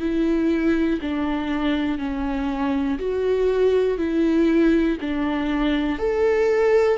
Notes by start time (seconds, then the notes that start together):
0.00 E4
1.01 D4
1.98 C#4
2.99 F#4
3.98 E4
5.01 D4
5.99 A4